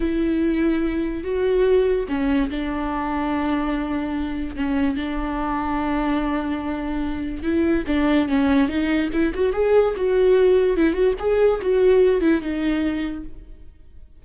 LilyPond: \new Staff \with { instrumentName = "viola" } { \time 4/4 \tempo 4 = 145 e'2. fis'4~ | fis'4 cis'4 d'2~ | d'2. cis'4 | d'1~ |
d'2 e'4 d'4 | cis'4 dis'4 e'8 fis'8 gis'4 | fis'2 e'8 fis'8 gis'4 | fis'4. e'8 dis'2 | }